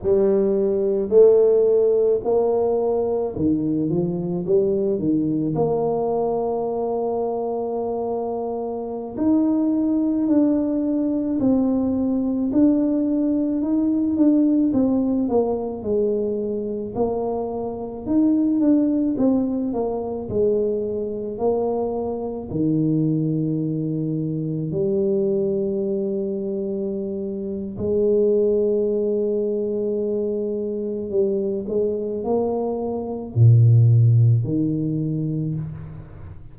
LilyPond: \new Staff \with { instrumentName = "tuba" } { \time 4/4 \tempo 4 = 54 g4 a4 ais4 dis8 f8 | g8 dis8 ais2.~ | ais16 dis'4 d'4 c'4 d'8.~ | d'16 dis'8 d'8 c'8 ais8 gis4 ais8.~ |
ais16 dis'8 d'8 c'8 ais8 gis4 ais8.~ | ais16 dis2 g4.~ g16~ | g4 gis2. | g8 gis8 ais4 ais,4 dis4 | }